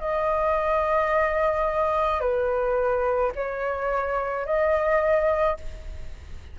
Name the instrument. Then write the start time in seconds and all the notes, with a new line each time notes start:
flute
0.00 D#5
2.20 B4
3.35 C#5
4.45 D#5